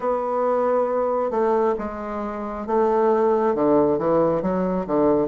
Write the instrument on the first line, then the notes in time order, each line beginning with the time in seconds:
bassoon
0.00 B3
1.30 A3
1.78 G#3
2.66 A3
3.55 D3
3.98 E3
4.42 F#3
4.86 D3